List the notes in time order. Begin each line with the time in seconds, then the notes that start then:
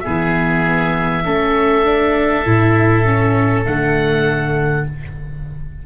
0.00 B3 G#4 E5
0.07 E3
1.25 A3 C#4 A4
1.85 D4
2.45 A2 E4
3.05 C#4
3.65 D3 A3 F#5